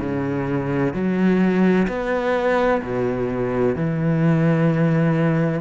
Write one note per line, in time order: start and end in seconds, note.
0.00 0.94 C#3
0.94 1.87 F#3
1.88 2.82 B3
2.82 3.76 B2
3.76 5.61 E3